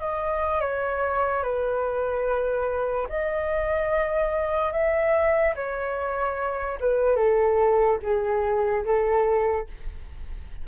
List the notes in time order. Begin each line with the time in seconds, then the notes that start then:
0.00 D#5
0.61 C#5
1.43 B4
3.09 D#5
4.72 E5
5.56 C#5
6.80 B4
7.17 A4
8.03 G#4
8.85 A4